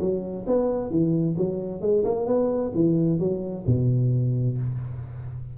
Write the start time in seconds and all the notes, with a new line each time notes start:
0.00 F#3
0.46 B3
0.90 E3
1.37 F#3
1.81 G#3
2.04 A#3
2.26 B3
2.74 E3
3.19 F#3
3.66 B2